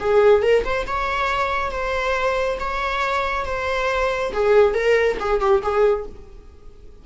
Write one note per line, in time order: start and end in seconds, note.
0.00 0.42 G#4
0.42 0.64 A#4
0.64 0.86 C5
0.87 1.71 C#5
1.71 2.58 C5
2.60 3.45 C#5
3.45 4.32 C5
4.33 4.74 G#4
4.74 5.17 A#4
5.20 5.40 G#4
5.40 5.62 G4
5.62 6.06 G#4